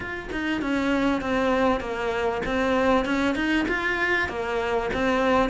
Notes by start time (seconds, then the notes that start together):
0.00 F4
0.32 D#4
0.61 C#4
1.21 C4
1.80 A#3
2.45 C4
3.05 C#4
3.35 D#4
3.68 F4
4.29 A#3
4.93 C4